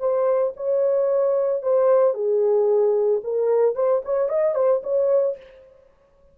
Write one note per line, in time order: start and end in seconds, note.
0.00 0.54 C5
0.57 1.63 C#5
1.63 2.15 C5
2.15 3.22 G#4
3.24 3.76 A#4
3.76 4.03 C5
4.05 4.29 C#5
4.29 4.55 D#5
4.55 4.82 C5
4.84 5.37 C#5